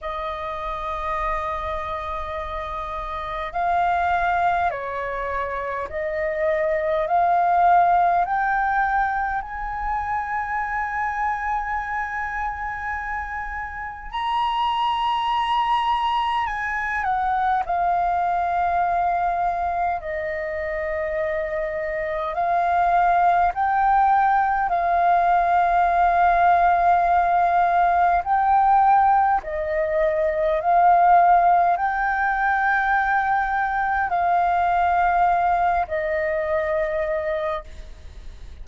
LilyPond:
\new Staff \with { instrumentName = "flute" } { \time 4/4 \tempo 4 = 51 dis''2. f''4 | cis''4 dis''4 f''4 g''4 | gis''1 | ais''2 gis''8 fis''8 f''4~ |
f''4 dis''2 f''4 | g''4 f''2. | g''4 dis''4 f''4 g''4~ | g''4 f''4. dis''4. | }